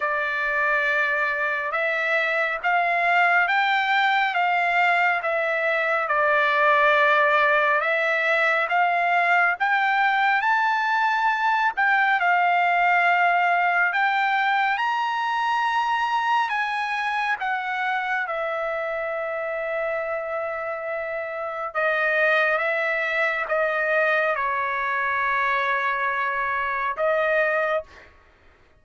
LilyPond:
\new Staff \with { instrumentName = "trumpet" } { \time 4/4 \tempo 4 = 69 d''2 e''4 f''4 | g''4 f''4 e''4 d''4~ | d''4 e''4 f''4 g''4 | a''4. g''8 f''2 |
g''4 ais''2 gis''4 | fis''4 e''2.~ | e''4 dis''4 e''4 dis''4 | cis''2. dis''4 | }